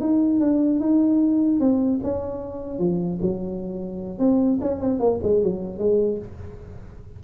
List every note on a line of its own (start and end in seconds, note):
0.00 0.39 D#4
0.39 0.79 D4
0.79 1.59 D#4
1.59 1.99 C4
2.03 2.79 C#4
2.79 3.19 F3
3.21 4.19 F#3
4.19 4.59 C4
4.61 4.81 C#4
4.81 4.99 C4
4.99 5.19 A#3
5.22 5.42 G#3
5.42 5.78 F#3
5.78 6.18 G#3